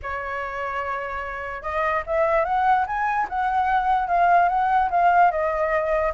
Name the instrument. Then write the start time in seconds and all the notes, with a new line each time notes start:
flute
0.02 C#5
1.62 D#5
2.06 E5
2.44 F#5
2.86 G#5
3.29 F#5
4.07 F5
4.48 F#5
4.90 F5
5.31 D#5